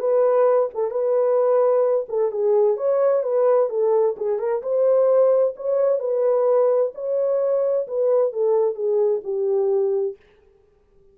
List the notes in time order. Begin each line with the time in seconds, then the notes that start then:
0.00 B4
0.75 A4
0.91 B4
2.09 A4
2.32 G#4
2.77 C#5
3.23 B4
3.70 A4
4.17 G#4
4.39 A#4
4.63 C5
5.56 C#5
6.00 B4
6.95 C#5
7.88 B4
8.33 A4
8.75 G#4
9.24 G4